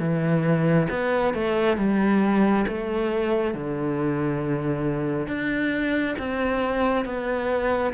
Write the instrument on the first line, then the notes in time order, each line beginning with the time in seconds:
cello
0.00 E3
0.90 B3
1.34 A3
1.77 G3
2.68 A3
3.54 D3
5.27 D4
6.19 C4
7.05 B3